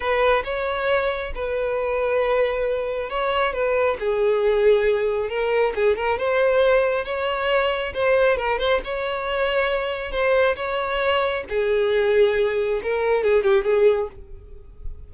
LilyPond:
\new Staff \with { instrumentName = "violin" } { \time 4/4 \tempo 4 = 136 b'4 cis''2 b'4~ | b'2. cis''4 | b'4 gis'2. | ais'4 gis'8 ais'8 c''2 |
cis''2 c''4 ais'8 c''8 | cis''2. c''4 | cis''2 gis'2~ | gis'4 ais'4 gis'8 g'8 gis'4 | }